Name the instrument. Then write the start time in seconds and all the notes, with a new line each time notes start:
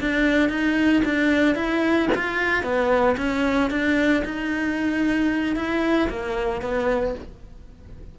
cello
0.00 D4
0.49 D#4
1.05 D4
1.55 E4
2.15 F4
2.63 B3
3.17 C#4
3.70 D4
4.24 D#4
5.56 E4
6.09 A#3
6.61 B3